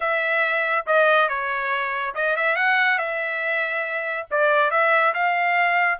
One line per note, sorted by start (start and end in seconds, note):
0.00 0.85 E5
0.86 1.28 D#5
1.28 2.14 C#5
2.14 2.36 D#5
2.36 2.56 E5
2.56 2.98 F#5
2.98 4.27 E5
4.30 4.70 D5
4.70 5.13 E5
5.14 5.99 F5